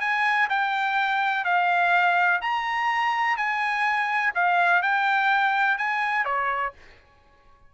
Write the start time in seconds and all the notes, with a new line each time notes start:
0.00 G#5
0.49 G5
1.45 F5
2.41 A#5
3.37 G#5
4.34 F5
4.82 G5
5.78 G#5
6.25 C#5